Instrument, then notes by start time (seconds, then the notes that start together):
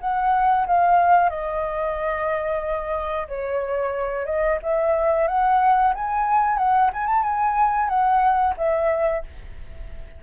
flute
0.00 F#5
0.67 F5
1.29 D#5
3.28 C#5
4.25 D#5
4.62 E5
5.27 F#5
5.94 G#5
6.57 F#5
6.93 G#5
7.06 A5
7.23 G#5
7.88 F#5
8.57 E5